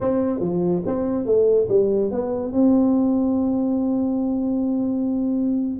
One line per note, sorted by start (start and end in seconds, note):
0.01 0.40 C4
0.40 0.82 F3
0.86 1.25 C4
1.25 1.67 A3
1.69 2.11 G3
2.11 2.52 B3
2.52 5.79 C4